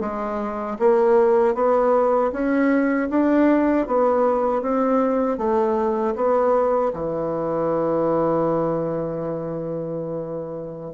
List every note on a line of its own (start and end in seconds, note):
0.00 0.77 G#3
0.79 1.54 A#3
1.54 2.31 B3
2.32 3.09 C#4
3.10 3.87 D4
3.87 4.62 B3
4.62 5.37 C4
5.37 6.14 A3
6.15 6.92 B3
6.93 10.94 E3